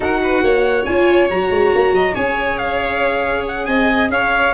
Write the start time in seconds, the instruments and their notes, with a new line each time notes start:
0.00 tuba D#4, viola F#4, violin A#4, trumpet F#5
0.22 violin B4
0.42 tuba A#3, violin C#5
0.84 tuba C#4, viola F4, trumpet G#5
1.29 tuba F#3, viola F#4, trumpet A#5
1.50 tuba G#3
1.74 tuba A#3
1.92 tuba F#3, violin D#5
2.14 tuba C#4, viola G#4, violin C#5, trumpet G#5
2.58 trumpet F5
3.47 trumpet F#5
3.65 tuba C4, violin D#5, trumpet G#5
4.09 tuba C#4, violin C#5, trumpet F5